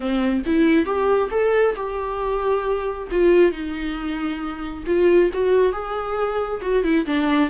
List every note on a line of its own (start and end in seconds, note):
0.00 0.42 C4
0.46 0.85 E4
0.85 1.29 G4
1.31 1.75 A4
1.75 3.08 G4
3.11 3.51 F4
3.51 4.83 D#4
4.86 5.30 F4
5.33 5.72 F#4
5.72 6.60 G#4
6.61 6.83 F#4
6.83 7.05 E4
7.05 7.49 D4